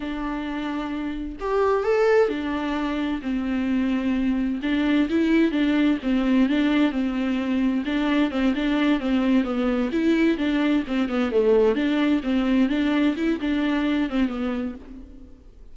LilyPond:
\new Staff \with { instrumentName = "viola" } { \time 4/4 \tempo 4 = 130 d'2. g'4 | a'4 d'2 c'4~ | c'2 d'4 e'4 | d'4 c'4 d'4 c'4~ |
c'4 d'4 c'8 d'4 c'8~ | c'8 b4 e'4 d'4 c'8 | b8 a4 d'4 c'4 d'8~ | d'8 e'8 d'4. c'8 b4 | }